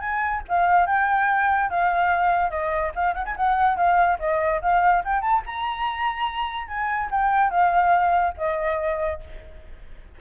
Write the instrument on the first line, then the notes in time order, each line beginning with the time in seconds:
flute
0.00 G#5
0.48 F5
0.86 G5
1.70 F5
2.50 D#5
2.95 F5
3.14 F#5
3.25 G#5
3.37 F#5
3.77 F5
4.19 D#5
4.62 F5
5.05 G5
5.21 A5
5.46 A#5
6.68 G#5
7.11 G5
7.50 F5
8.37 D#5